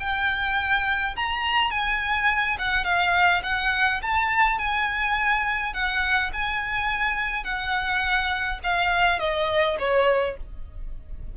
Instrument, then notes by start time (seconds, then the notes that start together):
violin
0.00 G5
1.16 A#5
1.71 G#5
2.59 F#5
2.84 F5
3.43 F#5
4.02 A5
4.58 G#5
5.73 F#5
6.33 G#5
7.44 F#5
8.64 F5
9.19 D#5
9.79 C#5